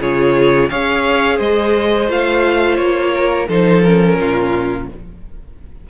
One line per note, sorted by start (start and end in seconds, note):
0.00 0.71 C#3
0.00 0.71 F4
0.00 0.70 G#4
0.00 0.70 C#5
0.70 1.40 C#4
0.70 2.09 G#4
0.70 1.37 C#5
0.70 1.39 F5
1.37 2.10 G#3
1.37 3.11 C5
1.37 2.10 D#5
2.09 2.78 A3
2.09 3.49 F4
2.09 2.77 F5
2.77 3.48 A#3
2.77 3.47 C#5
3.14 3.49 A#4
3.49 4.18 F3
3.49 3.85 D#4
3.49 4.19 A4
3.49 3.83 C5
3.83 4.90 C#4
3.83 4.87 A#4
4.18 4.88 A#2
4.18 4.90 F4